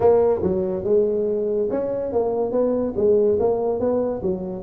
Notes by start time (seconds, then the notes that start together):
0.00 A#3
0.42 F#3
0.84 G#3
1.70 C#4
2.12 A#3
2.51 B3
2.96 G#3
3.39 A#3
3.79 B3
4.22 F#3